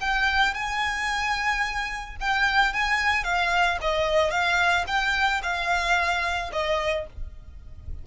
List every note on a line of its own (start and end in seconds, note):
0.00 0.54 G5
0.54 2.16 G#5
2.20 2.73 G5
2.73 3.24 G#5
3.24 3.78 F5
3.81 4.30 D#5
4.30 4.85 F5
4.86 5.41 G5
5.42 6.50 F5
6.52 7.06 D#5